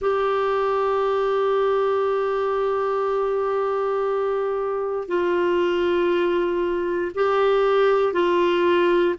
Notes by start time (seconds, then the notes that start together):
0.00 G4
5.08 F4
7.14 G4
8.13 F4